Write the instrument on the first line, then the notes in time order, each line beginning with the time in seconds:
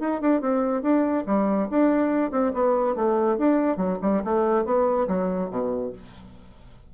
bassoon
0.00 D#4
0.21 D4
0.41 C4
0.82 D4
1.27 G3
1.70 D4
2.32 C4
2.54 B3
2.96 A3
3.38 D4
3.77 F#3
4.02 G3
4.24 A3
4.65 B3
5.08 F#3
5.50 B2